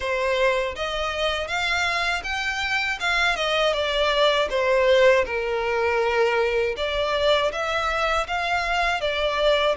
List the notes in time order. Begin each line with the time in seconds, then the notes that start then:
0.00 C5
0.75 D#5
1.47 F5
2.23 G5
3.00 F5
3.35 D#5
3.73 D5
4.50 C5
5.25 A#4
6.76 D5
7.52 E5
8.27 F5
9.00 D5